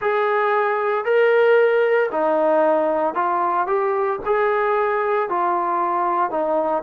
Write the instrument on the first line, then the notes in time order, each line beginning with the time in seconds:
trombone
0.00 G#4
1.04 A#4
2.11 D#4
3.14 F4
3.67 G4
4.25 G#4
5.29 F4
6.30 D#4